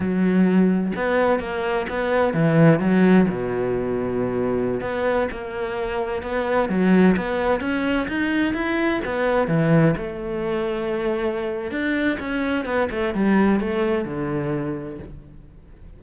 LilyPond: \new Staff \with { instrumentName = "cello" } { \time 4/4 \tempo 4 = 128 fis2 b4 ais4 | b4 e4 fis4 b,4~ | b,2~ b,16 b4 ais8.~ | ais4~ ais16 b4 fis4 b8.~ |
b16 cis'4 dis'4 e'4 b8.~ | b16 e4 a2~ a8.~ | a4 d'4 cis'4 b8 a8 | g4 a4 d2 | }